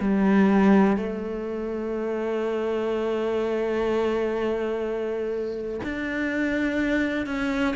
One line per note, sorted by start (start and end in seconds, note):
0.00 0.97 G3
0.97 5.81 A3
5.84 7.26 D4
7.26 7.75 C#4